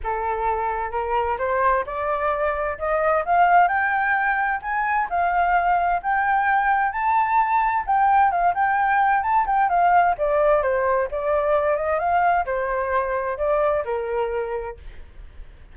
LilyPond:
\new Staff \with { instrumentName = "flute" } { \time 4/4 \tempo 4 = 130 a'2 ais'4 c''4 | d''2 dis''4 f''4 | g''2 gis''4 f''4~ | f''4 g''2 a''4~ |
a''4 g''4 f''8 g''4. | a''8 g''8 f''4 d''4 c''4 | d''4. dis''8 f''4 c''4~ | c''4 d''4 ais'2 | }